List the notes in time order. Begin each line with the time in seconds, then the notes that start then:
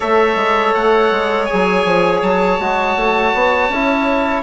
0.00 A3 A4 C#5 E5
0.35 G#3
0.73 A3 F#5
1.11 G#3
1.45 G#4 G#5
1.52 F#3
1.84 F3
2.22 F#3 A5
2.59 G#3 F#4
2.96 A3
3.33 B3
3.68 C#4 E4